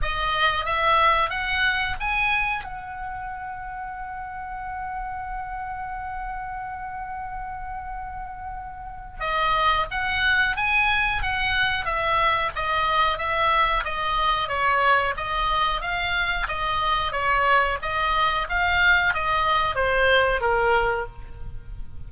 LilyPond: \new Staff \with { instrumentName = "oboe" } { \time 4/4 \tempo 4 = 91 dis''4 e''4 fis''4 gis''4 | fis''1~ | fis''1~ | fis''2 dis''4 fis''4 |
gis''4 fis''4 e''4 dis''4 | e''4 dis''4 cis''4 dis''4 | f''4 dis''4 cis''4 dis''4 | f''4 dis''4 c''4 ais'4 | }